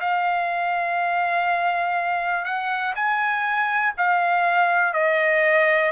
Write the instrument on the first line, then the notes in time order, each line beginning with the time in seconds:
trumpet
0.00 F5
2.45 F#5
2.95 G#5
3.97 F5
4.93 D#5